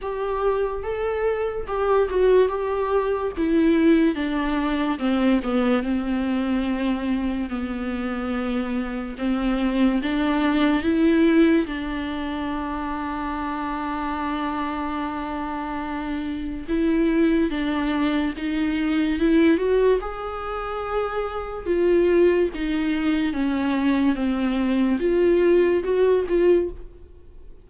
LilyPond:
\new Staff \with { instrumentName = "viola" } { \time 4/4 \tempo 4 = 72 g'4 a'4 g'8 fis'8 g'4 | e'4 d'4 c'8 b8 c'4~ | c'4 b2 c'4 | d'4 e'4 d'2~ |
d'1 | e'4 d'4 dis'4 e'8 fis'8 | gis'2 f'4 dis'4 | cis'4 c'4 f'4 fis'8 f'8 | }